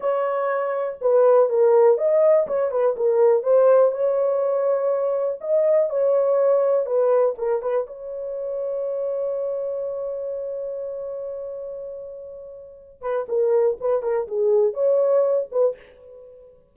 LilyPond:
\new Staff \with { instrumentName = "horn" } { \time 4/4 \tempo 4 = 122 cis''2 b'4 ais'4 | dis''4 cis''8 b'8 ais'4 c''4 | cis''2. dis''4 | cis''2 b'4 ais'8 b'8 |
cis''1~ | cis''1~ | cis''2~ cis''8 b'8 ais'4 | b'8 ais'8 gis'4 cis''4. b'8 | }